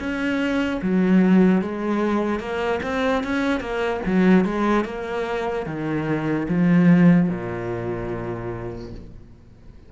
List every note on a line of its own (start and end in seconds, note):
0.00 0.81 C#4
0.83 1.62 F#3
1.62 2.40 G#3
2.40 2.80 A#3
2.83 3.24 C4
3.24 3.61 C#4
3.61 4.01 A#3
4.07 4.46 F#3
4.46 4.85 G#3
4.85 5.66 A#3
5.67 6.48 D#3
6.49 7.30 F3
7.30 8.92 A#2